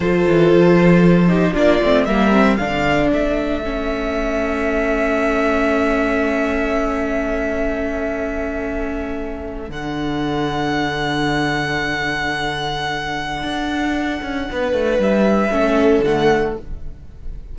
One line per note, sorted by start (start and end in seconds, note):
0.00 0.25 F3
0.00 1.28 F4
0.00 1.29 A4
0.00 1.54 C5
0.27 0.52 E3
0.52 1.55 F3
1.28 1.53 D#4
1.28 1.53 G4
1.53 1.80 A#3
1.53 1.79 D4
1.53 2.05 F4
1.53 2.05 D5
1.81 2.06 A3
1.81 2.08 C4
2.05 2.58 G3
2.05 2.31 A#3
2.05 2.57 A#4
2.05 2.56 E5
2.31 2.57 C4
2.56 3.12 D3
2.56 3.63 D4
2.56 14.47 A4
2.56 3.08 F5
3.12 9.69 A3
3.12 9.70 E5
3.63 9.67 C#4
9.67 13.42 D3
9.67 15.49 D4
9.67 15.00 F#5
13.42 14.20 D4
14.22 14.48 C#4
14.51 14.73 B3
14.51 15.55 B4
14.73 14.98 A3
14.98 15.50 G3
14.98 16.03 E5
15.50 15.99 A3
15.50 16.03 C#4
15.50 16.58 A4
15.99 16.51 D3
15.99 16.55 F#5
16.06 16.58 A3